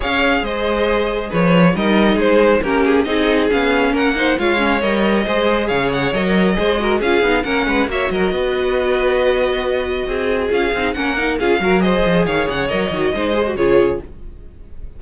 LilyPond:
<<
  \new Staff \with { instrumentName = "violin" } { \time 4/4 \tempo 4 = 137 f''4 dis''2 cis''4 | dis''4 c''4 ais'8 gis'8 dis''4 | f''4 fis''4 f''4 dis''4~ | dis''4 f''8 fis''8 dis''2 |
f''4 fis''4 e''8 dis''4.~ | dis''1 | f''4 fis''4 f''4 dis''4 | f''8 fis''8 dis''2 cis''4 | }
  \new Staff \with { instrumentName = "violin" } { \time 4/4 cis''4 c''2 b'4 | ais'4 gis'4 g'4 gis'4~ | gis'4 ais'8 c''8 cis''2 | c''4 cis''2 c''8 ais'8 |
gis'4 ais'8 b'8 cis''8 ais'8 b'4~ | b'2. gis'4~ | gis'4 ais'4 gis'8 ais'8 c''4 | cis''2 c''4 gis'4 | }
  \new Staff \with { instrumentName = "viola" } { \time 4/4 gis'1 | dis'2 cis'4 dis'4 | cis'4. dis'8 f'8 cis'8 ais'4 | gis'2 ais'4 gis'8 fis'8 |
f'8 dis'8 cis'4 fis'2~ | fis'1 | f'8 dis'8 cis'8 dis'8 f'8 fis'8 gis'4~ | gis'4 ais'8 fis'8 dis'8 gis'16 fis'16 f'4 | }
  \new Staff \with { instrumentName = "cello" } { \time 4/4 cis'4 gis2 f4 | g4 gis4 ais4 c'4 | b4 ais4 gis4 g4 | gis4 cis4 fis4 gis4 |
cis'8 b8 ais8 gis8 ais8 fis8 b4~ | b2. c'4 | cis'8 c'8 ais4 cis'8 fis4 f8 | dis8 cis8 fis8 dis8 gis4 cis4 | }
>>